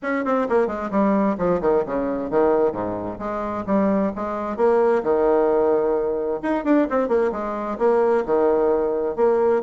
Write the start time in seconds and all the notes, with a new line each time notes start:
0.02 C#4
0.24 C4
0.49 A#3
0.67 G#3
0.90 G3
1.38 F3
1.61 D#3
1.85 C#3
2.30 D#3
2.72 G#2
3.18 G#3
3.66 G3
4.15 G#3
4.56 A#3
5.03 D#3
6.42 D#4
6.64 D4
6.90 C4
7.08 A#3
7.32 G#3
7.78 A#3
8.25 D#3
9.16 A#3